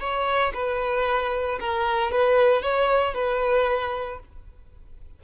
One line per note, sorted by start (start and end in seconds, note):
0.00 0.53 C#5
0.54 1.59 B4
1.60 2.11 A#4
2.11 2.62 B4
2.62 3.14 C#5
3.14 4.20 B4